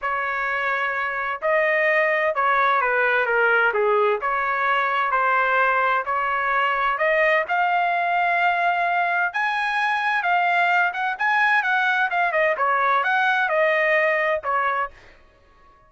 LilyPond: \new Staff \with { instrumentName = "trumpet" } { \time 4/4 \tempo 4 = 129 cis''2. dis''4~ | dis''4 cis''4 b'4 ais'4 | gis'4 cis''2 c''4~ | c''4 cis''2 dis''4 |
f''1 | gis''2 f''4. fis''8 | gis''4 fis''4 f''8 dis''8 cis''4 | fis''4 dis''2 cis''4 | }